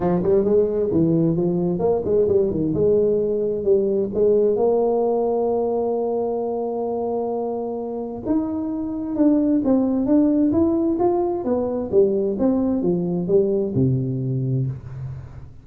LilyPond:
\new Staff \with { instrumentName = "tuba" } { \time 4/4 \tempo 4 = 131 f8 g8 gis4 e4 f4 | ais8 gis8 g8 dis8 gis2 | g4 gis4 ais2~ | ais1~ |
ais2 dis'2 | d'4 c'4 d'4 e'4 | f'4 b4 g4 c'4 | f4 g4 c2 | }